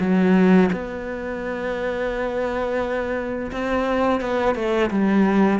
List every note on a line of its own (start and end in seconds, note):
0.00 0.70 F#3
0.72 3.51 B3
3.52 4.21 C4
4.21 4.55 B3
4.55 4.90 A3
4.91 5.60 G3